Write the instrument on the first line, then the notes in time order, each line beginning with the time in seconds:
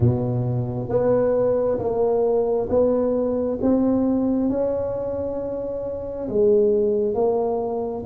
tuba
0.00 B2
0.88 B3
1.79 A#3
2.69 B3
3.61 C4
4.49 C#4
6.28 G#3
7.14 A#3